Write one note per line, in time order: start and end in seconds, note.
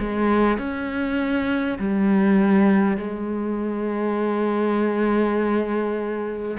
0.00 0.59 G#3
0.59 1.79 C#4
1.79 2.98 G3
2.98 6.58 G#3